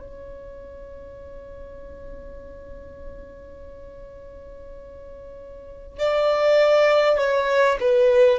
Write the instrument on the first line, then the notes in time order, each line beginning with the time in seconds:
violin
0.00 C#5
5.98 D5
7.18 C#5
7.81 B4